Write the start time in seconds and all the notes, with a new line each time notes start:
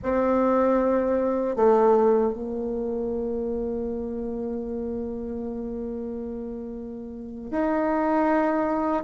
0.02 C4
1.56 A3
2.33 A#3
7.51 D#4